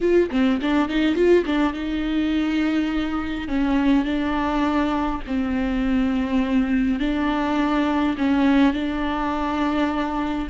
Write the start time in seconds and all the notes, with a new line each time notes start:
0.00 F4
0.30 C4
0.61 D4
0.88 D#4
1.15 F4
1.45 D4
1.73 D#4
3.48 C#4
4.04 D4
5.26 C4
6.99 D4
8.17 C#4
8.73 D4